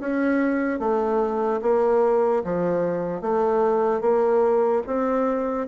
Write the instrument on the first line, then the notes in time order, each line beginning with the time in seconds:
bassoon
0.00 C#4
0.79 A3
1.62 A#3
2.44 F3
3.21 A3
4.01 A#3
4.86 C4